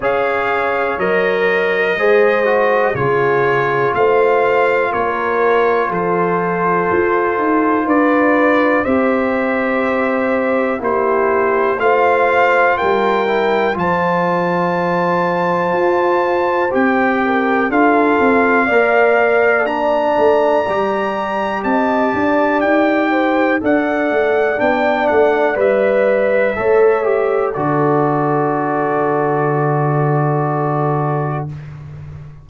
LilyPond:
<<
  \new Staff \with { instrumentName = "trumpet" } { \time 4/4 \tempo 4 = 61 f''4 dis''2 cis''4 | f''4 cis''4 c''2 | d''4 e''2 c''4 | f''4 g''4 a''2~ |
a''4 g''4 f''2 | ais''2 a''4 g''4 | fis''4 g''8 fis''8 e''2 | d''1 | }
  \new Staff \with { instrumentName = "horn" } { \time 4/4 cis''2 c''4 gis'4 | c''4 ais'4 a'2 | b'4 c''2 g'4 | c''4 ais'4 c''2~ |
c''4. ais'8 a'4 d''4~ | d''2 dis''8 d''4 c''8 | d''2. cis''4 | a'1 | }
  \new Staff \with { instrumentName = "trombone" } { \time 4/4 gis'4 ais'4 gis'8 fis'8 f'4~ | f'1~ | f'4 g'2 e'4 | f'4. e'8 f'2~ |
f'4 g'4 f'4 ais'4 | d'4 g'2. | a'4 d'4 b'4 a'8 g'8 | fis'1 | }
  \new Staff \with { instrumentName = "tuba" } { \time 4/4 cis'4 fis4 gis4 cis4 | a4 ais4 f4 f'8 dis'8 | d'4 c'2 ais4 | a4 g4 f2 |
f'4 c'4 d'8 c'8 ais4~ | ais8 a8 g4 c'8 d'8 dis'4 | d'8 a8 b8 a8 g4 a4 | d1 | }
>>